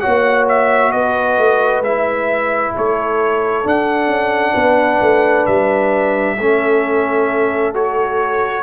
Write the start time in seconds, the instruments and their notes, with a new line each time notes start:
0.00 trombone F#4, horn C#5, trumpet F#5
0.06 tuba A#3
0.48 trumpet E5
0.92 tuba B3, horn B4, trumpet D#5
1.38 tuba A3
1.82 tuba G#3, trombone E4, trumpet E5
2.74 tuba A3, horn A4, trumpet C#5
3.64 trombone D4, tuba D4, trumpet F#5
4.08 tuba C#4
4.53 tuba B3, horn B4
5.02 tuba A3
5.46 tuba G3, trumpet E5
6.37 tuba A3, trombone C#4, horn A4
7.74 trombone F#4, trumpet C#5